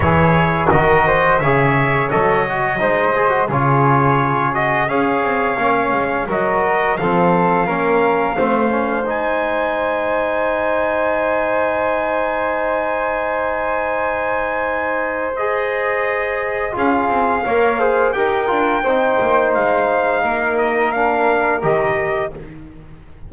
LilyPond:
<<
  \new Staff \with { instrumentName = "trumpet" } { \time 4/4 \tempo 4 = 86 cis''4 dis''4 e''4 dis''4~ | dis''4 cis''4. dis''8 f''4~ | f''4 dis''4 f''2~ | f''4 gis''2.~ |
gis''1~ | gis''2 dis''2 | f''2 g''2 | f''4. dis''8 f''4 dis''4 | }
  \new Staff \with { instrumentName = "flute" } { \time 4/4 gis'4 ais'8 c''8 cis''2 | c''4 gis'2 cis''4~ | cis''4 ais'4 a'4 ais'4 | c''1~ |
c''1~ | c''1 | gis'4 cis''8 c''8 ais'4 c''4~ | c''4 ais'2. | }
  \new Staff \with { instrumentName = "trombone" } { \time 4/4 e'4 fis'4 gis'4 a'8 fis'8 | dis'8 gis'16 fis'16 f'4. fis'8 gis'4 | cis'4 fis'4 c'4 cis'4 | c'8 cis'8 dis'2.~ |
dis'1~ | dis'2 gis'2 | f'4 ais'8 gis'8 g'8 f'8 dis'4~ | dis'2 d'4 g'4 | }
  \new Staff \with { instrumentName = "double bass" } { \time 4/4 e4 dis4 cis4 fis4 | gis4 cis2 cis'8 c'8 | ais8 gis8 fis4 f4 ais4 | a4 gis2.~ |
gis1~ | gis1 | cis'8 c'8 ais4 dis'8 d'8 c'8 ais8 | gis4 ais2 dis4 | }
>>